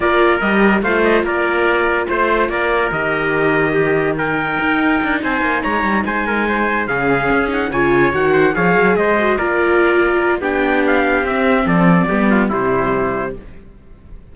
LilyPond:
<<
  \new Staff \with { instrumentName = "trumpet" } { \time 4/4 \tempo 4 = 144 d''4 dis''4 f''8 dis''8 d''4~ | d''4 c''4 d''4 dis''4~ | dis''2 g''2~ | g''8 gis''4 ais''4 gis''4.~ |
gis''8 f''4. fis''8 gis''4 fis''8~ | fis''8 f''4 dis''4 d''4.~ | d''4 g''4 f''4 e''4 | d''2 c''2 | }
  \new Staff \with { instrumentName = "trumpet" } { \time 4/4 ais'2 c''4 ais'4~ | ais'4 c''4 ais'2~ | ais'4 g'4 ais'2~ | ais'8 c''4 cis''4 c''8 ais'8 c''8~ |
c''8 gis'2 cis''4. | c''8 cis''4 c''4 ais'4.~ | ais'4 g'2. | a'4 g'8 f'8 e'2 | }
  \new Staff \with { instrumentName = "viola" } { \time 4/4 f'4 g'4 f'2~ | f'2. g'4~ | g'2 dis'2~ | dis'1~ |
dis'8 cis'4. dis'8 f'4 fis'8~ | fis'8 gis'4. fis'8 f'4.~ | f'4 d'2 c'4~ | c'4 b4 g2 | }
  \new Staff \with { instrumentName = "cello" } { \time 4/4 ais4 g4 a4 ais4~ | ais4 a4 ais4 dis4~ | dis2. dis'4 | d'8 c'8 ais8 gis8 g8 gis4.~ |
gis8 cis4 cis'4 cis4 dis8~ | dis8 f8 fis8 gis4 ais4.~ | ais4 b2 c'4 | f4 g4 c2 | }
>>